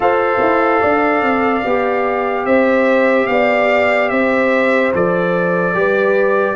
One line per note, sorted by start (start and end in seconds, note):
0.00 0.40 F4
0.00 1.63 A4
0.00 0.80 C5
0.00 2.45 F5
0.40 0.82 E4
0.80 1.21 D4
0.80 2.45 D5
1.21 1.62 C4
1.65 2.46 B3
1.65 4.93 G4
2.45 3.28 C4
2.45 3.28 C5
2.45 3.27 E5
3.27 4.10 B3
3.27 4.12 D5
3.27 4.09 F5
4.09 4.93 C4
4.09 5.76 C5
4.09 4.91 E5
4.93 5.74 F3
4.93 5.74 A4
4.93 6.55 D5
5.74 6.55 G3
5.74 6.55 G4
5.74 6.55 B4